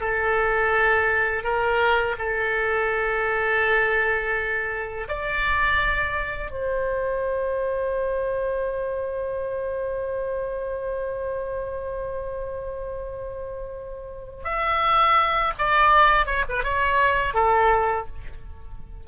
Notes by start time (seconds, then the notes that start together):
0.00 A4
1.43 A#4
2.18 A4
5.08 D5
6.51 C5
14.44 E5
15.58 D5
16.26 C#5
16.48 B4
16.63 C#5
17.34 A4